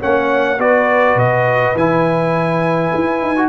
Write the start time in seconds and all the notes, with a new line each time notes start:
0.00 A#3 C#4 C#5 F#5
0.59 B3 F#4 B4 D5
1.16 B2 D#5
1.75 E3 E4 G#5
2.95 E4
3.22 D#4
3.36 F#4